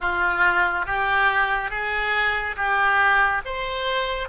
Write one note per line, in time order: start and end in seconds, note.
0.00 0.86 F4
0.86 1.70 G4
1.70 2.56 G#4
2.56 3.42 G4
3.45 4.29 C5